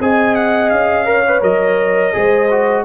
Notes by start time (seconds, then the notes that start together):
0.00 C4 G#4 D#5 G#5
0.35 F#5
0.69 C#4 F5
1.05 A#4 C#5
1.27 B4
1.41 F#3 A#4 D#5
2.13 G#3 G#4 C5
2.50 F#4